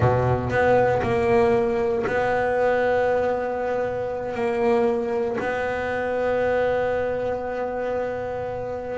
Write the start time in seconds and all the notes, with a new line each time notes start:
0.00 B2
0.50 B3
1.02 A#3
2.07 B3
4.34 A#3
5.39 B3